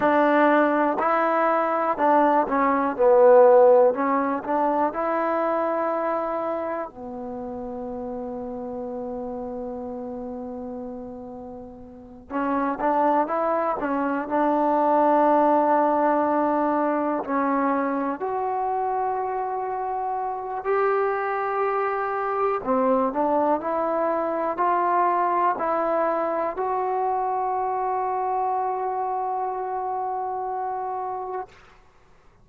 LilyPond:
\new Staff \with { instrumentName = "trombone" } { \time 4/4 \tempo 4 = 61 d'4 e'4 d'8 cis'8 b4 | cis'8 d'8 e'2 b4~ | b1~ | b8 cis'8 d'8 e'8 cis'8 d'4.~ |
d'4. cis'4 fis'4.~ | fis'4 g'2 c'8 d'8 | e'4 f'4 e'4 fis'4~ | fis'1 | }